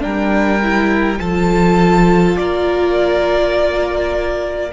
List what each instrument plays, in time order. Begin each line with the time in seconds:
0.00 cello G3, viola D4, violin A#4 G5
0.63 viola E4
1.18 cello F3, viola F4, violin A4 A5
2.36 cello A#3, violin A#4 D5